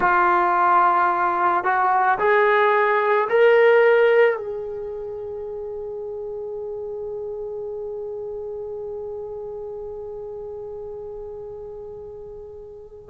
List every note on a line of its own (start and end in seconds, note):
0.00 1.64 F4
1.64 2.18 F#4
2.18 3.27 G#4
3.29 4.36 A#4
4.36 13.09 G#4